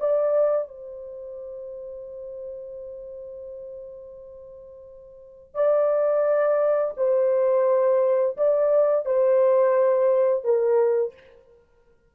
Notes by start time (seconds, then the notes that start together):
0.00 D5
0.68 C5
5.55 D5
6.97 C5
8.37 D5
9.05 C5
10.44 A#4